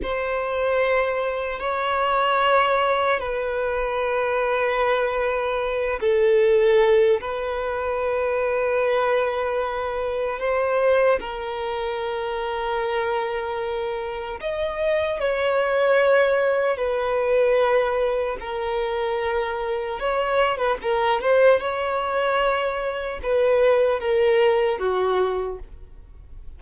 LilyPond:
\new Staff \with { instrumentName = "violin" } { \time 4/4 \tempo 4 = 75 c''2 cis''2 | b'2.~ b'8 a'8~ | a'4 b'2.~ | b'4 c''4 ais'2~ |
ais'2 dis''4 cis''4~ | cis''4 b'2 ais'4~ | ais'4 cis''8. b'16 ais'8 c''8 cis''4~ | cis''4 b'4 ais'4 fis'4 | }